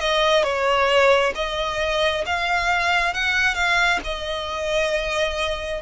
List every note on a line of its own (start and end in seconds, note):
0.00 0.44 D#5
0.44 1.33 C#5
1.35 2.25 D#5
2.26 3.14 F5
3.14 3.55 F#5
3.55 3.99 F5
4.04 5.82 D#5